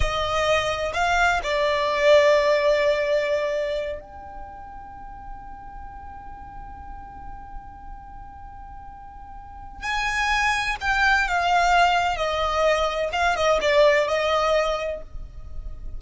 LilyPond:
\new Staff \with { instrumentName = "violin" } { \time 4/4 \tempo 4 = 128 dis''2 f''4 d''4~ | d''1~ | d''8 g''2.~ g''8~ | g''1~ |
g''1~ | g''4 gis''2 g''4 | f''2 dis''2 | f''8 dis''8 d''4 dis''2 | }